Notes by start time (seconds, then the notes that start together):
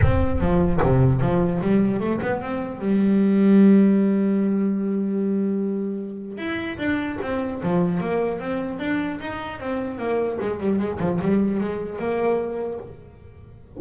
0.02 C4
0.40 F3
0.83 C3
1.21 F3
1.61 G3
2.00 A3
2.21 B3
2.41 C4
2.79 G3
6.37 E4
6.77 D4
7.21 C4
7.62 F3
8.00 A#3
8.39 C4
8.79 D4
9.20 D#4
9.60 C4
9.98 A#3
10.41 G#3
10.60 G3
10.78 G#3
10.99 F3
11.21 G3
11.60 G#3
11.99 A#3